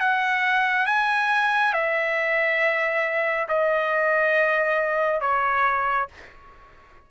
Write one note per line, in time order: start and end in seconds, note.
0.00 0.86 F#5
0.86 1.73 G#5
1.74 3.47 E5
3.49 5.21 D#5
5.21 6.08 C#5